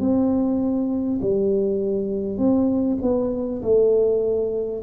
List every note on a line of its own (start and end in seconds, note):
0.00 1.20 C4
1.22 2.38 G3
2.38 2.98 C4
3.02 3.62 B3
3.63 4.83 A3